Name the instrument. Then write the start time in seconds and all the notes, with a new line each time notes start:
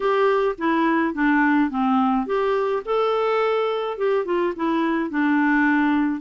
clarinet
0.00 G4
0.58 E4
1.14 D4
1.70 C4
2.26 G4
2.85 A4
3.97 G4
4.25 F4
4.56 E4
5.10 D4